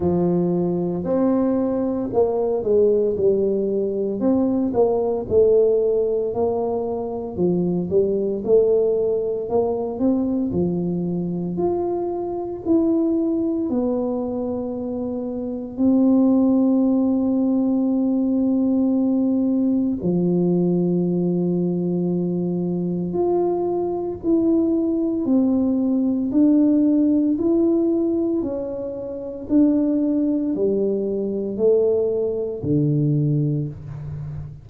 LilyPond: \new Staff \with { instrumentName = "tuba" } { \time 4/4 \tempo 4 = 57 f4 c'4 ais8 gis8 g4 | c'8 ais8 a4 ais4 f8 g8 | a4 ais8 c'8 f4 f'4 | e'4 b2 c'4~ |
c'2. f4~ | f2 f'4 e'4 | c'4 d'4 e'4 cis'4 | d'4 g4 a4 d4 | }